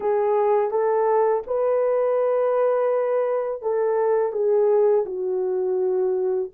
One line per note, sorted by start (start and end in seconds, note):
0.00 0.70 G#4
0.70 1.43 A4
1.47 3.61 B4
3.61 4.32 A4
4.32 5.04 G#4
5.05 6.50 F#4